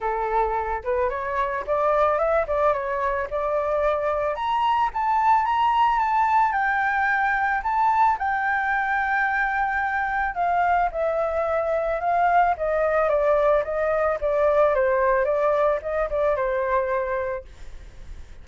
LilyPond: \new Staff \with { instrumentName = "flute" } { \time 4/4 \tempo 4 = 110 a'4. b'8 cis''4 d''4 | e''8 d''8 cis''4 d''2 | ais''4 a''4 ais''4 a''4 | g''2 a''4 g''4~ |
g''2. f''4 | e''2 f''4 dis''4 | d''4 dis''4 d''4 c''4 | d''4 dis''8 d''8 c''2 | }